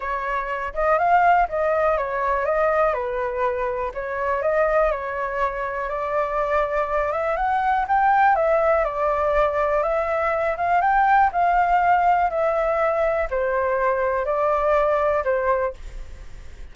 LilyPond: \new Staff \with { instrumentName = "flute" } { \time 4/4 \tempo 4 = 122 cis''4. dis''8 f''4 dis''4 | cis''4 dis''4 b'2 | cis''4 dis''4 cis''2 | d''2~ d''8 e''8 fis''4 |
g''4 e''4 d''2 | e''4. f''8 g''4 f''4~ | f''4 e''2 c''4~ | c''4 d''2 c''4 | }